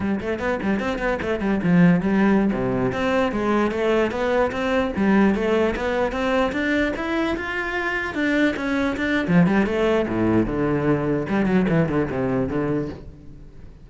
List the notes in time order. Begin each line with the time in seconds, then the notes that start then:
0.00 G3
0.20 A3
0.39 B3
0.62 G3
0.79 C4
0.98 B3
1.22 A3
1.40 G3
1.63 F3
2.00 G3
2.52 C3
2.92 C4
3.32 G#3
3.71 A3
4.11 B3
4.51 C4
4.96 G3
5.34 A3
5.75 B3
6.12 C4
6.52 D4
6.96 E4
7.37 F4
8.14 D4
8.56 C#4
8.97 D4
9.27 F3
9.46 G3
9.66 A3
10.08 A2
10.46 D3
11.29 G3
11.45 F#3
11.69 E3
11.88 D3
12.10 C3
12.48 D3